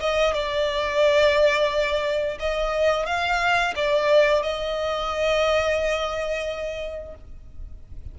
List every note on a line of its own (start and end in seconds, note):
0.00 0.33 D#5
0.33 2.38 D5
2.40 3.06 D#5
3.06 3.74 F5
3.76 4.42 D5
4.42 7.15 D#5